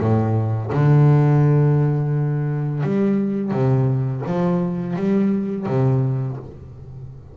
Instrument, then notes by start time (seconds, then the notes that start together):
double bass
0.00 A2
0.73 D3
2.83 G3
3.51 C3
4.26 F3
4.96 G3
5.66 C3